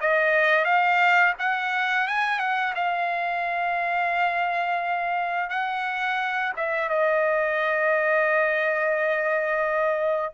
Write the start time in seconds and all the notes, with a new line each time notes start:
0.00 D#5
0.64 F5
1.39 F#5
2.08 G#5
2.39 F#5
2.75 F5
5.49 F#5
6.56 E5
6.89 D#5